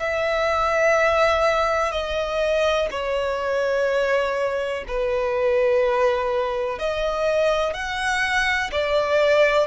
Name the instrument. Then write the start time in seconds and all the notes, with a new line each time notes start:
violin
0.00 E5
1.92 D#5
2.91 C#5
4.88 B4
6.79 D#5
7.74 F#5
8.72 D5